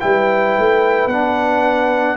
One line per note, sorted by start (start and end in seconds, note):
0.00 0.58 G3
0.00 1.09 E4
0.00 2.17 B4
0.00 1.08 G5
0.58 1.06 A3
1.06 2.15 B3
1.06 2.17 D4
1.06 2.17 F#5